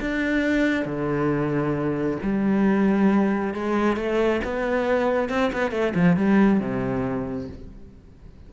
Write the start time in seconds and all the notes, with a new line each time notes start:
0.00 D4
0.85 D3
2.22 G3
3.54 G#3
3.96 A3
4.44 B3
5.29 C4
5.53 B3
5.71 A3
5.95 F3
6.16 G3
6.60 C3